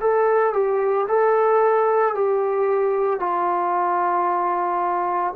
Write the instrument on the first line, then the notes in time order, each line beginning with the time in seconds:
trombone
0.00 A4
0.53 G4
1.08 A4
2.15 G4
3.19 F4